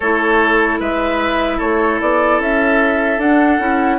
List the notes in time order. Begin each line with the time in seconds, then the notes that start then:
0.00 A3 E4 A4 C#5
0.79 G#3 B4 E5
1.57 A3 A4 C#5
2.00 B3 D5
2.39 C#4 E5
3.18 D4 F#5
3.59 C#4 E4